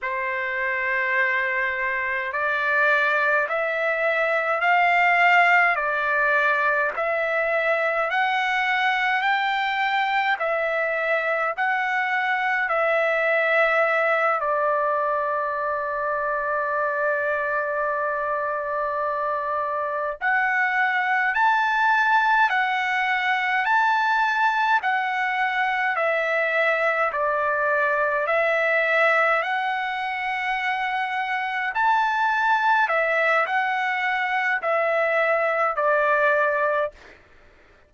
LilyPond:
\new Staff \with { instrumentName = "trumpet" } { \time 4/4 \tempo 4 = 52 c''2 d''4 e''4 | f''4 d''4 e''4 fis''4 | g''4 e''4 fis''4 e''4~ | e''8 d''2.~ d''8~ |
d''4. fis''4 a''4 fis''8~ | fis''8 a''4 fis''4 e''4 d''8~ | d''8 e''4 fis''2 a''8~ | a''8 e''8 fis''4 e''4 d''4 | }